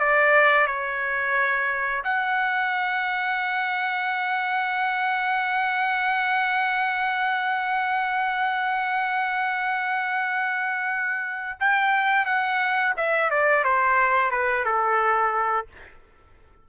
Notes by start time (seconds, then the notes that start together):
0.00 D5
0.67 C#5
2.04 F#5
11.60 G5
12.26 F#5
12.97 E5
13.31 D5
13.64 C5
14.31 B4
14.65 A4